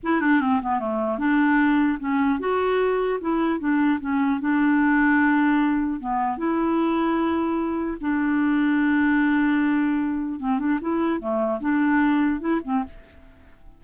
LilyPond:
\new Staff \with { instrumentName = "clarinet" } { \time 4/4 \tempo 4 = 150 e'8 d'8 c'8 b8 a4 d'4~ | d'4 cis'4 fis'2 | e'4 d'4 cis'4 d'4~ | d'2. b4 |
e'1 | d'1~ | d'2 c'8 d'8 e'4 | a4 d'2 e'8 c'8 | }